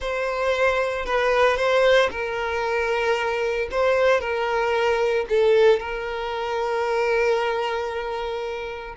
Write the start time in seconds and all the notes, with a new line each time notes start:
0.00 C5
1.05 B4
1.56 C5
2.11 A#4
3.71 C5
4.20 A#4
5.29 A4
5.79 A#4